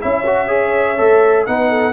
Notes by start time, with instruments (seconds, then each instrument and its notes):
0.00 tuba C#4, trombone E4, horn C#5, trumpet E5
0.26 trombone F#4
0.47 trombone G#4
0.97 tuba A3, trombone A4
1.46 tuba B3, trombone D#4, horn B4, trumpet F#5
1.69 horn A4